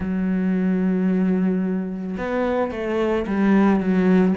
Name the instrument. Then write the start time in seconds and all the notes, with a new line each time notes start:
cello
0.00 F#3
2.17 B3
2.71 A3
3.26 G3
3.79 F#3